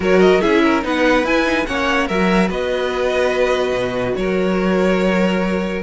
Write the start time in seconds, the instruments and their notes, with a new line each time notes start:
0.00 cello F#3, viola F#4, violin A#4 C#5
0.20 violin D#5
0.40 cello C#4, viola E4, violin G#4 E5
0.63 violin A#4
0.82 cello B3, viola D#4, violin B4 F#5
1.23 cello E4, viola E4, violin G#5
1.45 viola D#4
1.66 cello A#3, viola C#4, violin C#5 F#5
2.06 cello F#3, viola F#4, violin A#4 E5
2.48 cello B3, violin B4 D#5
3.72 cello B2
4.15 cello F#3, violin A#4 C#5